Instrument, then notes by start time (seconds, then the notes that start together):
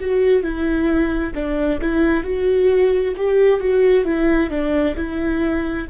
viola
0.00 F#4
0.43 E4
1.34 D4
1.81 E4
2.24 F#4
3.17 G4
3.60 F#4
4.05 E4
4.50 D4
4.96 E4